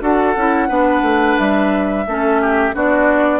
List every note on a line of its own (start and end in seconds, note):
0.00 0.34 D4
0.00 0.34 F#4
0.00 0.68 A4
0.00 1.38 F#5
0.36 0.69 C#4
0.36 0.68 E4
0.68 1.02 B3
0.68 2.05 D4
0.68 2.04 B4
1.02 1.36 A3
1.38 2.06 G3
1.38 2.74 E5
2.06 2.74 A3
2.06 2.73 C#4
2.06 2.41 A4
2.41 2.74 G4
2.73 3.39 B3
2.73 3.39 D4
2.73 3.39 F#4
2.73 3.39 D5